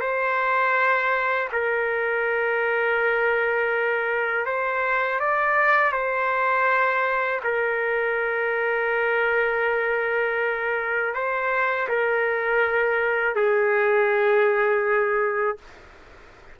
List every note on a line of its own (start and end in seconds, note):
0.00 1.48 C5
1.52 4.46 A#4
4.46 5.20 C5
5.20 5.92 D5
5.92 7.40 C5
7.44 11.14 A#4
11.14 11.88 C5
11.88 13.35 A#4
13.35 15.58 G#4